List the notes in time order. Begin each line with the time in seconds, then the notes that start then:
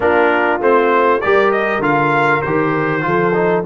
0.00 A#3 D4 F4 A#4
0.60 A3 C4 C5
1.21 G3 G4 A#4 D5
1.51 D#5
1.79 D3 F4 F5
2.41 D#3 G4 C5
3.01 F3 F4 A4
3.33 D#4